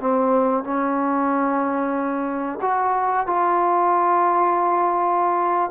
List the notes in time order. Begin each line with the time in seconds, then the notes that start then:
0.00 C4
0.64 C#4
2.62 F#4
3.27 F4